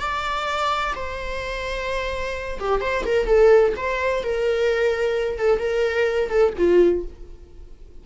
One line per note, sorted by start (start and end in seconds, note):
0.00 0.94 D5
0.95 2.59 C5
2.60 2.81 G4
2.81 3.04 C5
3.06 3.26 A#4
3.26 3.73 A4
3.76 4.23 C5
4.23 5.38 A#4
5.38 5.59 A4
5.59 6.30 A#4
6.30 6.53 A4
6.58 7.05 F4